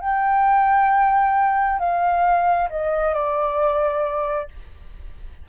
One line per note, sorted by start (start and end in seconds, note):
0.00 1.79 G5
1.79 2.69 F5
2.69 3.14 D#5
3.14 4.48 D5